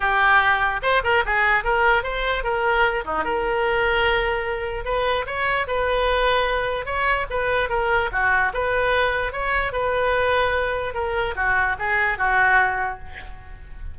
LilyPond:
\new Staff \with { instrumentName = "oboe" } { \time 4/4 \tempo 4 = 148 g'2 c''8 ais'8 gis'4 | ais'4 c''4 ais'4. dis'8 | ais'1 | b'4 cis''4 b'2~ |
b'4 cis''4 b'4 ais'4 | fis'4 b'2 cis''4 | b'2. ais'4 | fis'4 gis'4 fis'2 | }